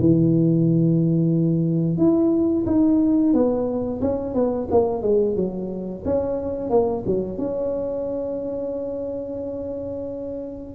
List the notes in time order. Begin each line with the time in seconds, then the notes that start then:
0.00 E3
1.98 E4
2.67 D#4
3.34 B3
4.01 C#4
4.35 B3
4.71 A#3
5.02 G#3
5.36 F#3
6.05 C#4
6.70 A#3
7.06 F#3
7.38 C#4